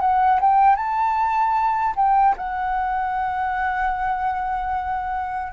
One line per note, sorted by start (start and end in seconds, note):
0.00 0.39 F#5
0.41 0.76 G5
0.76 1.94 A5
1.96 2.35 G5
2.37 5.52 F#5